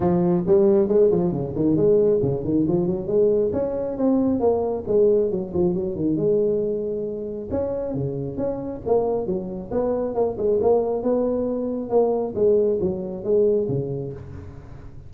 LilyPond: \new Staff \with { instrumentName = "tuba" } { \time 4/4 \tempo 4 = 136 f4 g4 gis8 f8 cis8 dis8 | gis4 cis8 dis8 f8 fis8 gis4 | cis'4 c'4 ais4 gis4 | fis8 f8 fis8 dis8 gis2~ |
gis4 cis'4 cis4 cis'4 | ais4 fis4 b4 ais8 gis8 | ais4 b2 ais4 | gis4 fis4 gis4 cis4 | }